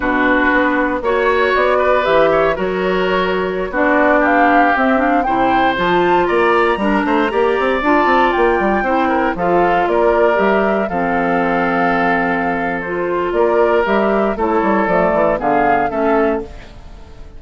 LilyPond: <<
  \new Staff \with { instrumentName = "flute" } { \time 4/4 \tempo 4 = 117 b'2 cis''4 d''4 | e''4 cis''2~ cis''16 d''8.~ | d''16 f''4 e''8 f''8 g''4 a''8.~ | a''16 ais''2. a''8.~ |
a''16 g''2 f''4 d''8.~ | d''16 e''4 f''2~ f''8.~ | f''4 c''4 d''4 e''4 | cis''4 d''4 f''4 e''4 | }
  \new Staff \with { instrumentName = "oboe" } { \time 4/4 fis'2 cis''4. b'8~ | b'8 cis''8 ais'2~ ais'16 fis'8.~ | fis'16 g'2 c''4.~ c''16~ | c''16 d''4 ais'8 c''8 d''4.~ d''16~ |
d''4~ d''16 c''8 ais'8 a'4 ais'8.~ | ais'4~ ais'16 a'2~ a'8.~ | a'2 ais'2 | a'2 gis'4 a'4 | }
  \new Staff \with { instrumentName = "clarinet" } { \time 4/4 d'2 fis'2 | g'4 fis'2~ fis'16 d'8.~ | d'4~ d'16 c'8 d'8 e'4 f'8.~ | f'4~ f'16 d'4 g'4 f'8.~ |
f'4~ f'16 e'4 f'4.~ f'16~ | f'16 g'4 c'2~ c'8.~ | c'4 f'2 g'4 | e'4 a4 b4 cis'4 | }
  \new Staff \with { instrumentName = "bassoon" } { \time 4/4 b,4 b4 ais4 b4 | e4 fis2~ fis16 b8.~ | b4~ b16 c'4 c4 f8.~ | f16 ais4 g8 a8 ais8 c'8 d'8 c'16~ |
c'16 ais8 g8 c'4 f4 ais8.~ | ais16 g4 f2~ f8.~ | f2 ais4 g4 | a8 g8 f8 e8 d4 a4 | }
>>